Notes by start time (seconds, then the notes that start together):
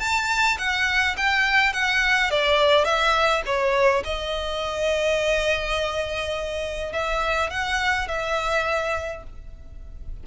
0.00 A5
0.58 F#5
1.17 G5
1.74 F#5
2.31 D5
2.85 E5
3.46 C#5
4.05 D#5
6.93 E5
7.51 F#5
8.08 E5